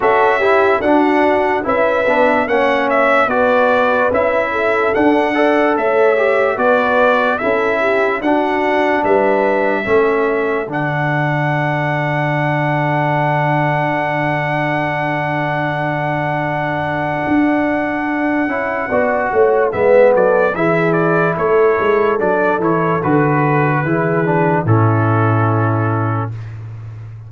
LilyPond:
<<
  \new Staff \with { instrumentName = "trumpet" } { \time 4/4 \tempo 4 = 73 e''4 fis''4 e''4 fis''8 e''8 | d''4 e''4 fis''4 e''4 | d''4 e''4 fis''4 e''4~ | e''4 fis''2.~ |
fis''1~ | fis''1 | e''8 d''8 e''8 d''8 cis''4 d''8 cis''8 | b'2 a'2 | }
  \new Staff \with { instrumentName = "horn" } { \time 4/4 a'8 g'8 fis'4 b'4 cis''4 | b'4. a'4 d''8 cis''4 | b'4 a'8 g'8 fis'4 b'4 | a'1~ |
a'1~ | a'2. d''8 cis''8 | b'8 a'8 gis'4 a'2~ | a'4 gis'4 e'2 | }
  \new Staff \with { instrumentName = "trombone" } { \time 4/4 fis'8 e'8 d'4 e'8 d'8 cis'4 | fis'4 e'4 d'8 a'4 g'8 | fis'4 e'4 d'2 | cis'4 d'2.~ |
d'1~ | d'2~ d'8 e'8 fis'4 | b4 e'2 d'8 e'8 | fis'4 e'8 d'8 cis'2 | }
  \new Staff \with { instrumentName = "tuba" } { \time 4/4 cis'4 d'4 cis'8 b8 ais4 | b4 cis'4 d'4 a4 | b4 cis'4 d'4 g4 | a4 d2.~ |
d1~ | d4 d'4. cis'8 b8 a8 | gis8 fis8 e4 a8 gis8 fis8 e8 | d4 e4 a,2 | }
>>